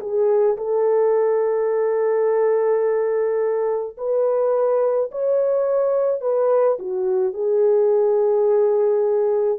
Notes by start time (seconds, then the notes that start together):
0.00 G#4
0.57 A4
3.97 B4
5.11 C#5
6.21 B4
6.79 F#4
7.33 G#4